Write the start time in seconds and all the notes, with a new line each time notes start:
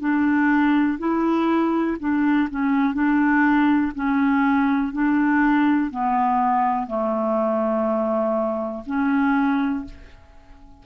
0.00 D4
0.99 E4
2.00 D4
2.50 C#4
2.94 D4
3.95 C#4
4.93 D4
5.91 B3
6.88 A3
8.87 C#4